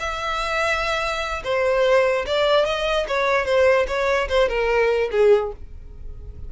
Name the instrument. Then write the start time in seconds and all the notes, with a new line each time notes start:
violin
0.00 E5
1.44 C5
2.26 D5
2.65 D#5
3.08 C#5
3.46 C5
3.87 C#5
4.29 C5
4.49 A#4
5.12 G#4